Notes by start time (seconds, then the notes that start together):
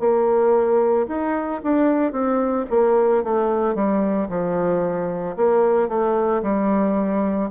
0.00 A#3
1.08 D#4
1.64 D4
2.12 C4
2.70 A#3
3.24 A3
3.75 G3
4.29 F3
5.36 A#3
5.89 A3
6.43 G3